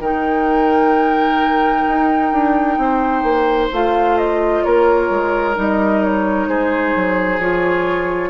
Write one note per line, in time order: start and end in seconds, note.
0.00 1.85 D#3
0.00 3.72 D#4
0.00 2.78 A#4
0.00 3.70 G5
1.88 2.32 D#4
2.32 2.77 D4
2.77 3.23 C4
2.77 4.65 C5
3.23 3.69 A#3
3.72 4.65 A3
3.72 5.55 F4
3.72 4.18 F5
4.18 4.64 D#5
4.64 5.10 A#3
4.64 6.49 A#4
4.64 5.56 C#5
5.10 5.56 G#3
5.55 6.48 G3
5.55 7.39 D#4
5.55 6.04 D#5
6.04 6.49 C#5
6.48 6.94 G#3
6.48 8.30 G#4
6.48 7.40 C5
6.96 7.39 F#3
7.39 8.30 F3
7.39 8.30 F4
7.39 8.30 C#5